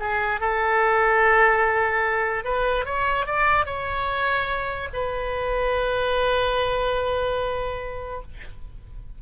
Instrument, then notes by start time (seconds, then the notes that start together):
oboe
0.00 G#4
0.41 A4
2.45 B4
2.85 C#5
3.27 D5
3.66 C#5
4.94 B4